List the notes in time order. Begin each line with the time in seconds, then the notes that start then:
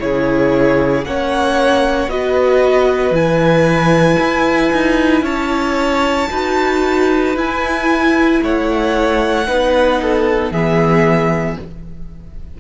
0.00 C#3 E4 G#4 C#5
1.05 A#3 C#4 C#5 F#5
2.07 B3 F#4 B4 D#5
3.11 E3 E4 G#5
4.19 E4
4.72 D#4
5.22 C#4 C#5 A5
6.31 D#4 F#4 B4
7.36 E4 G#5
8.42 A3 C#5 F#5
9.47 B3 D#4 B4
10.02 A4
10.51 E3 B3 G#4 E5